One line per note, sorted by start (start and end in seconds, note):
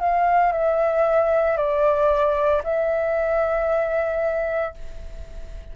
0.00 0.52 F5
0.52 1.57 E5
1.57 2.62 D5
2.64 4.74 E5